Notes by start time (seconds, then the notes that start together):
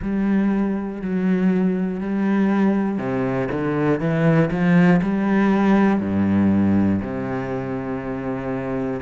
0.01 G3
1.01 F#3
2.00 G3
2.98 C3
3.51 D3
4.00 E3
4.50 F3
5.01 G3
6.00 G2
7.00 C3